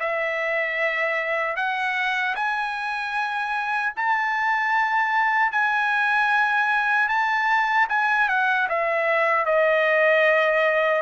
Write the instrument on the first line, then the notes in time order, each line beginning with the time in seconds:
trumpet
0.00 E5
1.56 F#5
2.36 G#5
3.97 A5
5.52 G#5
7.09 A5
7.89 G#5
8.29 F#5
8.69 E5
9.46 D#5